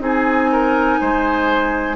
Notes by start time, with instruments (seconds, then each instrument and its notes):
0.00 bassoon C4, clarinet D#4, oboe G#4, flute G#5
0.52 oboe A#4
1.00 bassoon G#3, oboe C5